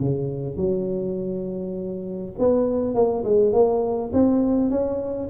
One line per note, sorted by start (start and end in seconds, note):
0.00 0.57 C#3
0.57 2.33 F#3
2.39 2.95 B3
2.95 3.24 A#3
3.25 3.53 G#3
3.53 4.12 A#3
4.13 4.70 C4
4.70 5.29 C#4